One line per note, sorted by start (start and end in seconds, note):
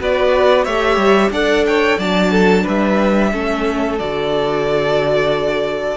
0.00 0.67 B3
0.00 0.67 F#4
0.00 0.64 B4
0.00 0.65 D5
0.64 0.97 A3
0.64 1.34 G4
0.64 1.31 C#5
0.64 1.31 E5
0.97 1.31 G3
1.31 1.97 D4
1.31 2.00 A4
1.31 1.67 D5
1.31 1.66 F#5
1.67 1.98 C#5
1.67 2.00 G5
1.98 2.65 F#3
1.98 3.32 D4
1.98 2.31 D5
1.98 2.67 A5
2.31 2.64 A4
2.64 3.34 G3
2.64 3.31 B4
2.64 3.99 E5
3.32 4.00 A3
3.32 3.99 C#4
3.32 5.97 A4
3.99 5.97 D3
3.99 5.97 F#4
3.99 5.97 D5